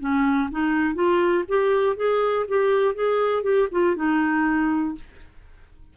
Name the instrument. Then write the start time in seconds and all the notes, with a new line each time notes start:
clarinet
0.00 C#4
0.51 D#4
0.95 F4
1.49 G4
1.97 G#4
2.49 G4
2.95 G#4
3.43 G4
3.72 F4
3.96 D#4